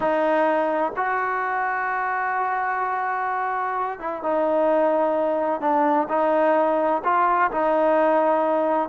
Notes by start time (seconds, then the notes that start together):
0.00 D#4
0.96 F#4
3.99 E4
4.23 D#4
5.60 D4
6.08 D#4
7.04 F4
7.51 D#4